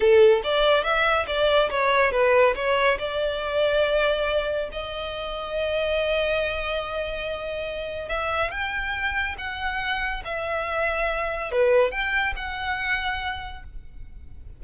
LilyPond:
\new Staff \with { instrumentName = "violin" } { \time 4/4 \tempo 4 = 141 a'4 d''4 e''4 d''4 | cis''4 b'4 cis''4 d''4~ | d''2. dis''4~ | dis''1~ |
dis''2. e''4 | g''2 fis''2 | e''2. b'4 | g''4 fis''2. | }